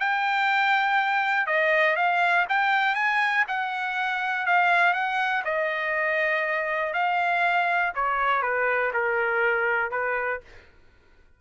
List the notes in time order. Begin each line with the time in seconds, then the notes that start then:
0.00 G5
1.47 D#5
1.96 F5
2.49 G5
2.95 G#5
3.48 F#5
4.46 F5
4.94 F#5
5.45 D#5
6.93 F5
7.95 C#5
8.42 B4
8.94 A#4
9.91 B4